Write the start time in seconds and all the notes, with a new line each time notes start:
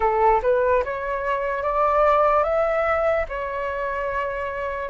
0.00 A4
0.42 B4
0.84 C#5
1.62 D5
2.43 E5
3.28 C#5